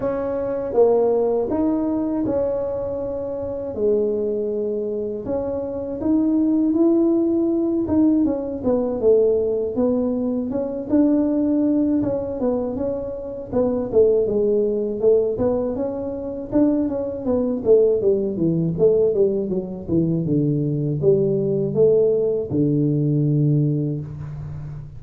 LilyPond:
\new Staff \with { instrumentName = "tuba" } { \time 4/4 \tempo 4 = 80 cis'4 ais4 dis'4 cis'4~ | cis'4 gis2 cis'4 | dis'4 e'4. dis'8 cis'8 b8 | a4 b4 cis'8 d'4. |
cis'8 b8 cis'4 b8 a8 gis4 | a8 b8 cis'4 d'8 cis'8 b8 a8 | g8 e8 a8 g8 fis8 e8 d4 | g4 a4 d2 | }